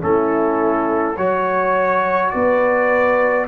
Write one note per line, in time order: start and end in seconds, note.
0.00 1.17 A3
0.00 1.15 C#4
0.00 1.16 E4
0.00 1.17 A4
1.16 2.33 F#3
1.16 3.48 F#4
1.16 2.31 C#5
1.16 2.30 C#5
2.30 3.48 B3
2.30 3.48 B4
2.30 3.45 D5